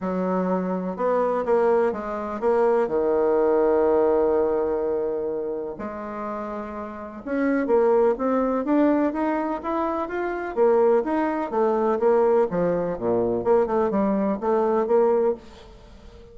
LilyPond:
\new Staff \with { instrumentName = "bassoon" } { \time 4/4 \tempo 4 = 125 fis2 b4 ais4 | gis4 ais4 dis2~ | dis1 | gis2. cis'4 |
ais4 c'4 d'4 dis'4 | e'4 f'4 ais4 dis'4 | a4 ais4 f4 ais,4 | ais8 a8 g4 a4 ais4 | }